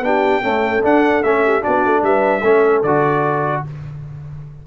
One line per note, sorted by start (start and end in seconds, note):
0.00 0.40 B3
0.00 0.42 D4
0.00 0.42 G4
0.00 0.84 G5
0.42 0.82 A3
0.42 0.83 C#4
0.42 1.42 A4
0.83 1.23 D4
0.83 1.23 F#5
1.23 1.63 A3
1.23 1.61 C#4
1.23 1.63 E5
1.44 1.61 G4
1.61 1.85 B3
1.61 2.41 D4
1.61 2.01 F#4
1.61 2.03 D5
1.85 2.02 A3
2.02 2.42 G3
2.02 2.41 B4
2.02 2.82 E5
2.41 2.82 A3
2.41 2.84 C#4
2.41 3.61 A4
2.82 3.62 D3
2.82 3.66 F#4
2.82 3.62 D5